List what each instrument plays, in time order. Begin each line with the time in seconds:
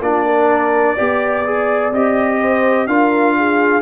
0.00 tuba A#3, trombone D4, horn F4, trumpet D5
0.25 horn A#4
0.96 tuba B3, trombone G4, horn D5
1.45 trombone G#4
1.92 tuba C4, trombone G4, trumpet D#5
2.40 horn C5
2.87 tuba D4, trombone F4, horn A#4, trumpet F5
3.37 horn G#4